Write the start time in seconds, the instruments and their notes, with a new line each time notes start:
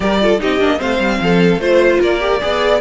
0.00 cello G3, viola G4, violin A#4 D5
0.21 viola F4, violin A4
0.39 cello C4, viola D#4, violin G4 D#5
0.59 cello A#3, viola D4
0.78 cello A3, viola C4, violin C5 F5
0.99 cello G3
1.21 cello F3, violin A4
1.57 cello A3, viola F4, violin C5
1.99 cello A#3, violin A#4 D5
2.20 viola G4
2.41 cello B3, viola G#4, violin D5